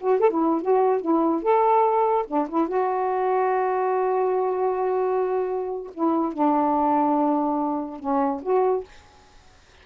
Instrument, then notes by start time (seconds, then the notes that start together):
saxophone
0.00 F#4
0.20 A4
0.30 E4
0.62 F#4
1.01 E4
1.42 A4
2.27 D4
2.49 E4
2.68 F#4
5.94 E4
6.33 D4
8.00 C#4
8.42 F#4